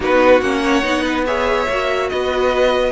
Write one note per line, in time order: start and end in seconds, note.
0.00 0.41 B3
0.00 0.42 D#4
0.00 0.61 F#4
0.00 0.41 B4
0.41 0.83 A#3
0.41 0.82 C#4
0.41 1.25 F#5
0.61 1.03 C#5
0.82 1.66 B3
0.82 1.24 D#4
1.04 1.25 B4
1.26 1.68 G#4
1.26 2.10 C#5
1.26 2.09 E5
1.68 2.10 A#3
1.68 2.92 F#4
2.09 2.92 B3
2.09 2.92 B4
2.09 2.92 D#5